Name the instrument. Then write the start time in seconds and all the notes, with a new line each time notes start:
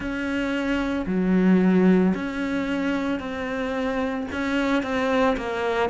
cello
0.00 C#4
1.06 F#3
2.14 C#4
3.19 C4
4.31 C#4
4.82 C4
5.36 A#3